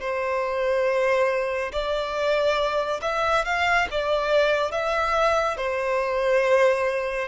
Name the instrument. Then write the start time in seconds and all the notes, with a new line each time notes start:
violin
0.00 C5
1.72 D5
3.02 E5
3.44 F5
3.90 D5
4.71 E5
5.57 C5